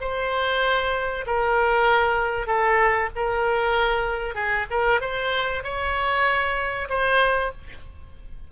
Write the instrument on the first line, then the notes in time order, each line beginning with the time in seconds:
oboe
0.00 C5
1.26 A#4
2.46 A4
3.15 A#4
4.34 G#4
4.70 A#4
5.00 C5
5.63 C#5
6.89 C5